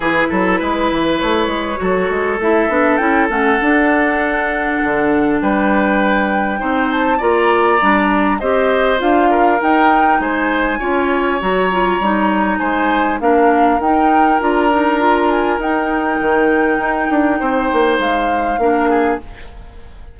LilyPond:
<<
  \new Staff \with { instrumentName = "flute" } { \time 4/4 \tempo 4 = 100 b'2 cis''2 | e''4 g''8 fis''2~ fis''8~ | fis''4 g''2~ g''8 a''8 | ais''2 dis''4 f''4 |
g''4 gis''2 ais''4~ | ais''4 gis''4 f''4 g''4 | ais''4. gis''8 g''2~ | g''2 f''2 | }
  \new Staff \with { instrumentName = "oboe" } { \time 4/4 gis'8 a'8 b'2 a'4~ | a'1~ | a'4 b'2 c''4 | d''2 c''4. ais'8~ |
ais'4 c''4 cis''2~ | cis''4 c''4 ais'2~ | ais'1~ | ais'4 c''2 ais'8 gis'8 | }
  \new Staff \with { instrumentName = "clarinet" } { \time 4/4 e'2. fis'4 | e'8 d'8 e'8 cis'8 d'2~ | d'2. dis'4 | f'4 d'4 g'4 f'4 |
dis'2 f'4 fis'8 f'8 | dis'2 d'4 dis'4 | f'8 dis'8 f'4 dis'2~ | dis'2. d'4 | }
  \new Staff \with { instrumentName = "bassoon" } { \time 4/4 e8 fis8 gis8 e8 a8 gis8 fis8 gis8 | a8 b8 cis'8 a8 d'2 | d4 g2 c'4 | ais4 g4 c'4 d'4 |
dis'4 gis4 cis'4 fis4 | g4 gis4 ais4 dis'4 | d'2 dis'4 dis4 | dis'8 d'8 c'8 ais8 gis4 ais4 | }
>>